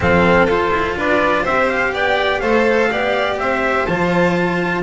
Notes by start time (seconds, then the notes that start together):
0.00 F3 C4 A4 F5
0.46 F4 C5
0.71 E4
0.96 D4 B4 D5
1.42 C4 G4 C5 E5
1.69 F5
1.93 B3 D5 G5
2.39 A3 A4 C5 F5
2.91 B3 G4 D5
3.37 C4 C5 E5
3.86 F3 F4 A5